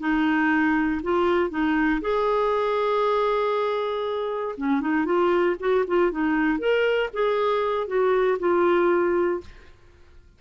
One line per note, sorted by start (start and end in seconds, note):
0.00 1.02 D#4
1.04 1.50 F4
1.50 2.01 D#4
2.02 4.56 G#4
4.58 4.81 C#4
4.81 5.05 D#4
5.05 5.56 F4
5.60 5.85 F#4
5.88 6.12 F4
6.12 6.59 D#4
6.59 7.10 A#4
7.14 7.88 G#4
7.88 8.39 F#4
8.40 9.41 F4